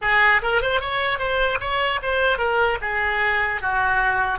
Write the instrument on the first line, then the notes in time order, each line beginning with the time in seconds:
oboe
0.01 G#4
0.42 A#4
0.61 C5
0.80 C#5
1.18 C5
1.60 C#5
2.02 C5
2.38 A#4
2.81 G#4
3.61 F#4